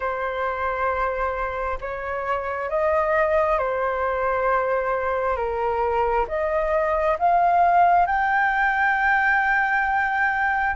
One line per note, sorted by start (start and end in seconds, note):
0.00 1.78 C5
1.80 2.69 C#5
2.69 3.58 D#5
3.58 5.36 C5
5.36 6.26 A#4
6.28 7.17 D#5
7.18 8.06 F5
8.06 10.75 G5